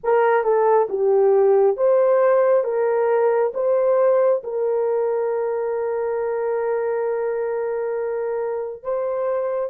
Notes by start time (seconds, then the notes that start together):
0.03 A#4
0.43 A4
0.89 G4
1.76 C5
2.64 A#4
3.54 C5
4.43 A#4
8.83 C5